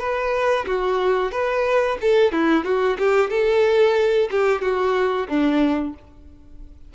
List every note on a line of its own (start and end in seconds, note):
0.00 0.66 B4
0.67 1.32 F#4
1.32 1.98 B4
2.02 2.32 A4
2.32 2.65 E4
2.65 2.98 F#4
2.99 3.31 G4
3.31 4.29 A4
4.31 4.62 G4
4.62 5.28 F#4
5.29 5.95 D4